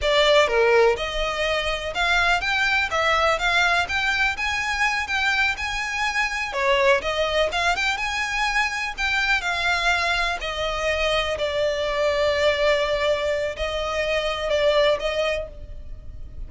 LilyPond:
\new Staff \with { instrumentName = "violin" } { \time 4/4 \tempo 4 = 124 d''4 ais'4 dis''2 | f''4 g''4 e''4 f''4 | g''4 gis''4. g''4 gis''8~ | gis''4. cis''4 dis''4 f''8 |
g''8 gis''2 g''4 f''8~ | f''4. dis''2 d''8~ | d''1 | dis''2 d''4 dis''4 | }